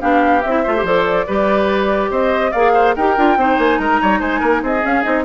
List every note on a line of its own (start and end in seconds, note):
0.00 0.44 B3
0.00 0.42 D4
0.00 0.63 G4
0.00 0.42 F5
0.42 0.66 C4
0.42 0.66 E4
0.42 0.84 E5
0.63 0.83 A3
0.63 0.76 F4
0.63 1.26 C5
0.77 1.24 F3
0.77 0.85 G4
0.85 1.27 A4
0.85 2.11 D5
1.27 2.10 G3
1.27 2.53 G4
1.27 2.11 B4
2.10 2.52 C4
2.10 2.51 C5
2.10 2.52 D#5
2.51 2.96 A#3
2.51 2.97 G#4
2.51 2.72 D5
2.51 2.94 F5
2.74 2.95 C5
2.96 3.17 D#4
2.96 3.17 G4
2.96 3.38 A#4
2.96 3.59 G5
3.17 3.36 D4
3.17 3.38 F4
3.36 3.57 C4
3.36 4.83 D#4
3.36 3.80 C5
3.58 3.79 A#3
3.58 3.79 G#5
3.79 4.00 G#3
3.79 4.01 A#4
3.79 4.21 A#5
4.02 4.20 G3
4.02 4.19 C#5
4.19 4.41 G#3
4.19 4.40 C5
4.19 4.63 G#5
4.40 4.62 A#3
4.40 4.61 A#4
4.62 4.83 C4
4.62 5.24 G#4
4.62 4.86 D#5
4.83 5.03 C#4
4.83 5.05 C#4
4.83 5.03 F5
5.03 5.24 C4
5.03 5.24 D#4
5.03 5.24 D#5